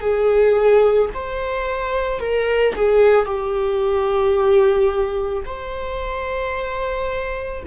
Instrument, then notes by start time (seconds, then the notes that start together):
viola
0.00 G#4
1.14 C5
2.20 A#4
2.75 G#4
3.25 G4
5.45 C5